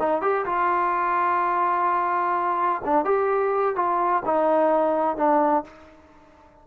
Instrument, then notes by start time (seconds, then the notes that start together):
trombone
0.00 D#4
0.22 G4
0.46 F4
2.85 D4
3.05 G4
3.76 F4
4.26 D#4
5.17 D4